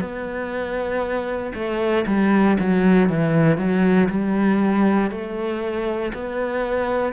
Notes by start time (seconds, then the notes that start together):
0.00 B3
1.54 A3
2.06 G3
2.59 F#3
3.09 E3
3.57 F#3
4.10 G3
5.11 A3
6.13 B3